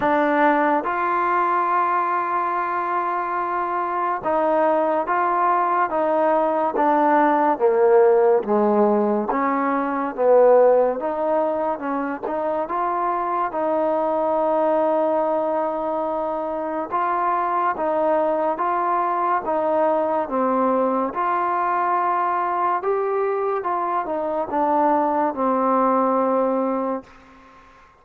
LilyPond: \new Staff \with { instrumentName = "trombone" } { \time 4/4 \tempo 4 = 71 d'4 f'2.~ | f'4 dis'4 f'4 dis'4 | d'4 ais4 gis4 cis'4 | b4 dis'4 cis'8 dis'8 f'4 |
dis'1 | f'4 dis'4 f'4 dis'4 | c'4 f'2 g'4 | f'8 dis'8 d'4 c'2 | }